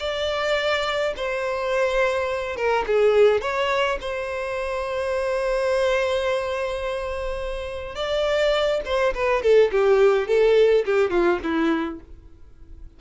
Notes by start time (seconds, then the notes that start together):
0.00 D5
1.17 C5
2.57 A#4
2.87 G#4
3.42 C#5
4.01 C5
7.95 D5
8.85 C5
9.15 B4
9.43 A4
9.72 G4
10.28 A4
10.85 G4
11.11 F4
11.43 E4